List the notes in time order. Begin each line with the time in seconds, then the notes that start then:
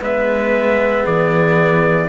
0.00 G#3 B3 B4 E5
1.03 E3 G#4 D5